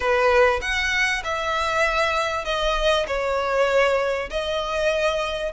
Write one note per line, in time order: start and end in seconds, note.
0.00 0.60 B4
0.61 1.22 F#5
1.24 2.44 E5
2.44 3.06 D#5
3.07 4.29 C#5
4.30 5.52 D#5